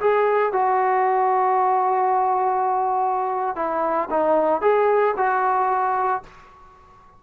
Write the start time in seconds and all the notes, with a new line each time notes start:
0.00 G#4
0.52 F#4
3.56 E4
4.10 D#4
4.61 G#4
5.17 F#4